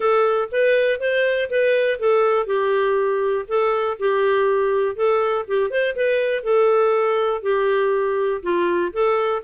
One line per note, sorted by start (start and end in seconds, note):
0.00 0.48 A4
0.51 0.99 B4
0.99 1.49 C5
1.49 1.99 B4
1.99 2.46 A4
2.46 3.45 G4
3.48 3.97 A4
3.99 4.95 G4
4.95 5.45 A4
5.47 5.70 G4
5.70 5.95 C5
5.95 6.43 B4
6.43 7.42 A4
7.42 8.41 G4
8.42 8.91 F4
8.92 9.42 A4